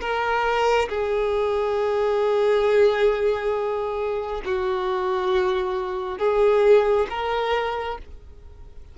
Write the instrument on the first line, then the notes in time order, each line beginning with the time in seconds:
violin
0.00 A#4
0.89 G#4
4.45 F#4
6.18 G#4
7.09 A#4